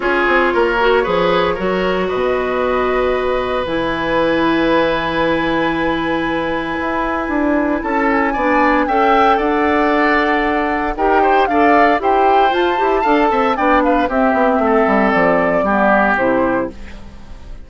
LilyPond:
<<
  \new Staff \with { instrumentName = "flute" } { \time 4/4 \tempo 4 = 115 cis''1 | dis''2. gis''4~ | gis''1~ | gis''2. a''8 gis''8~ |
gis''4 g''4 fis''2~ | fis''4 g''4 f''4 g''4 | a''2 g''8 f''8 e''4~ | e''4 d''2 c''4 | }
  \new Staff \with { instrumentName = "oboe" } { \time 4/4 gis'4 ais'4 b'4 ais'4 | b'1~ | b'1~ | b'2. a'4 |
d''4 e''4 d''2~ | d''4 ais'8 c''8 d''4 c''4~ | c''4 f''8 e''8 d''8 b'8 g'4 | a'2 g'2 | }
  \new Staff \with { instrumentName = "clarinet" } { \time 4/4 f'4. fis'8 gis'4 fis'4~ | fis'2. e'4~ | e'1~ | e'1 |
d'4 a'2.~ | a'4 g'4 a'4 g'4 | f'8 g'8 a'4 d'4 c'4~ | c'2 b4 e'4 | }
  \new Staff \with { instrumentName = "bassoon" } { \time 4/4 cis'8 c'8 ais4 f4 fis4 | b,2. e4~ | e1~ | e4 e'4 d'4 cis'4 |
b4 cis'4 d'2~ | d'4 dis'4 d'4 e'4 | f'8 e'8 d'8 c'8 b4 c'8 b8 | a8 g8 f4 g4 c4 | }
>>